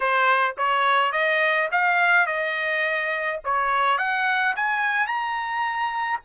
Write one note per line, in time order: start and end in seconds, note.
0.00 0.55 C5
0.57 1.12 C#5
1.12 1.68 D#5
1.71 2.26 F5
2.26 3.39 D#5
3.44 3.98 C#5
3.98 4.54 F#5
4.56 5.06 G#5
5.06 6.20 A#5